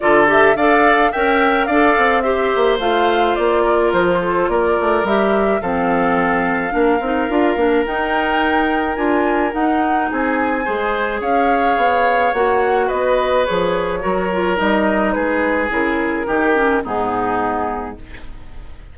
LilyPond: <<
  \new Staff \with { instrumentName = "flute" } { \time 4/4 \tempo 4 = 107 d''8 e''8 f''4 g''4 f''4 | e''4 f''4 d''4 c''4 | d''4 e''4 f''2~ | f''2 g''2 |
gis''4 fis''4 gis''2 | f''2 fis''4 dis''4 | cis''2 dis''4 b'4 | ais'2 gis'2 | }
  \new Staff \with { instrumentName = "oboe" } { \time 4/4 a'4 d''4 e''4 d''4 | c''2~ c''8 ais'4 a'8 | ais'2 a'2 | ais'1~ |
ais'2 gis'4 c''4 | cis''2. b'4~ | b'4 ais'2 gis'4~ | gis'4 g'4 dis'2 | }
  \new Staff \with { instrumentName = "clarinet" } { \time 4/4 f'8 g'8 a'4 ais'4 a'4 | g'4 f'2.~ | f'4 g'4 c'2 | d'8 dis'8 f'8 d'8 dis'2 |
f'4 dis'2 gis'4~ | gis'2 fis'2 | gis'4 fis'8 f'8 dis'2 | e'4 dis'8 cis'8 b2 | }
  \new Staff \with { instrumentName = "bassoon" } { \time 4/4 d4 d'4 cis'4 d'8 c'8~ | c'8 ais8 a4 ais4 f4 | ais8 a8 g4 f2 | ais8 c'8 d'8 ais8 dis'2 |
d'4 dis'4 c'4 gis4 | cis'4 b4 ais4 b4 | f4 fis4 g4 gis4 | cis4 dis4 gis,2 | }
>>